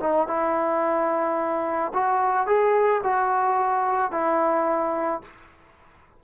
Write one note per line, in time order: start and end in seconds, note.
0.00 0.27 D#4
0.27 1.92 E4
1.94 2.46 F#4
2.46 3.02 G#4
3.04 4.12 F#4
4.12 5.22 E4